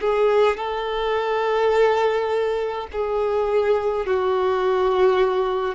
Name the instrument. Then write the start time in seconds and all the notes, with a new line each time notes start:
violin
0.00 G#4
0.56 A4
2.92 G#4
4.05 F#4